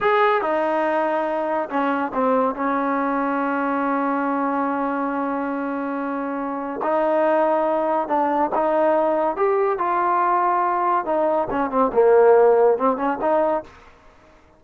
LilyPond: \new Staff \with { instrumentName = "trombone" } { \time 4/4 \tempo 4 = 141 gis'4 dis'2. | cis'4 c'4 cis'2~ | cis'1~ | cis'1 |
dis'2. d'4 | dis'2 g'4 f'4~ | f'2 dis'4 cis'8 c'8 | ais2 c'8 cis'8 dis'4 | }